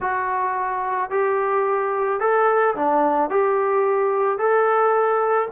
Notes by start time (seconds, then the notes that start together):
0.01 F#4
1.10 G4
2.19 A4
2.75 D4
3.30 G4
4.38 A4